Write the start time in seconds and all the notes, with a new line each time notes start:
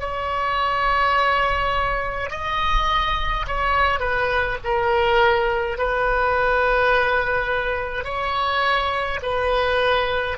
0.00 C#5
2.31 D#5
3.48 C#5
4.00 B4
4.64 A#4
5.78 B4
8.05 C#5
9.23 B4